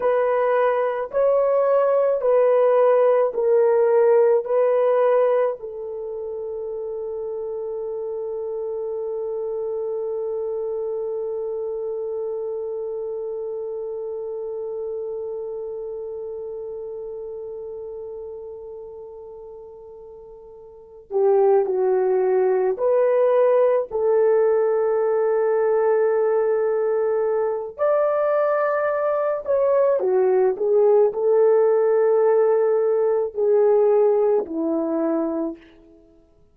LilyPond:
\new Staff \with { instrumentName = "horn" } { \time 4/4 \tempo 4 = 54 b'4 cis''4 b'4 ais'4 | b'4 a'2.~ | a'1~ | a'1~ |
a'2. g'8 fis'8~ | fis'8 b'4 a'2~ a'8~ | a'4 d''4. cis''8 fis'8 gis'8 | a'2 gis'4 e'4 | }